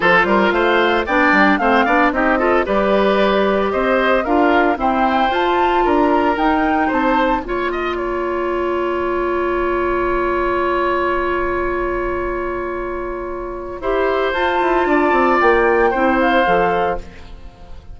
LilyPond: <<
  \new Staff \with { instrumentName = "flute" } { \time 4/4 \tempo 4 = 113 c''4 f''4 g''4 f''4 | dis''4 d''2 dis''4 | f''4 g''4 a''4 ais''4 | g''4 a''4 ais''2~ |
ais''1~ | ais''1~ | ais''2. a''4~ | a''4 g''4. f''4. | }
  \new Staff \with { instrumentName = "oboe" } { \time 4/4 a'8 ais'8 c''4 d''4 c''8 d''8 | g'8 a'8 b'2 c''4 | ais'4 c''2 ais'4~ | ais'4 c''4 cis''8 dis''8 cis''4~ |
cis''1~ | cis''1~ | cis''2 c''2 | d''2 c''2 | }
  \new Staff \with { instrumentName = "clarinet" } { \time 4/4 f'2 d'4 c'8 d'8 | dis'8 f'8 g'2. | f'4 c'4 f'2 | dis'2 f'2~ |
f'1~ | f'1~ | f'2 g'4 f'4~ | f'2 e'4 a'4 | }
  \new Staff \with { instrumentName = "bassoon" } { \time 4/4 f8 g8 a4 b8 g8 a8 b8 | c'4 g2 c'4 | d'4 e'4 f'4 d'4 | dis'4 c'4 ais2~ |
ais1~ | ais1~ | ais2 e'4 f'8 e'8 | d'8 c'8 ais4 c'4 f4 | }
>>